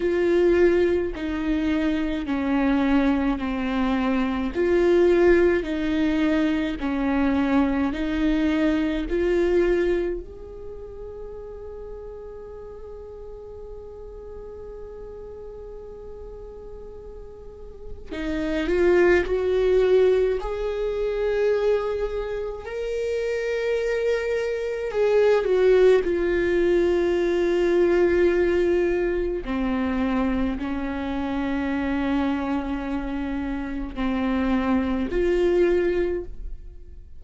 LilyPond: \new Staff \with { instrumentName = "viola" } { \time 4/4 \tempo 4 = 53 f'4 dis'4 cis'4 c'4 | f'4 dis'4 cis'4 dis'4 | f'4 gis'2.~ | gis'1 |
dis'8 f'8 fis'4 gis'2 | ais'2 gis'8 fis'8 f'4~ | f'2 c'4 cis'4~ | cis'2 c'4 f'4 | }